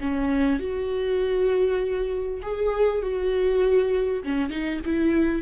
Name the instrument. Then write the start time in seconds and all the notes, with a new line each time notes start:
viola
0.00 C#4
0.60 F#4
2.42 G#4
3.02 F#4
4.24 C#4
4.50 D#4
4.85 E4